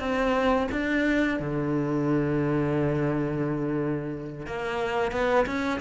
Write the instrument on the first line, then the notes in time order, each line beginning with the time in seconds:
cello
0.00 C4
0.72 D4
1.40 D3
4.47 A#3
5.12 B3
5.46 C#4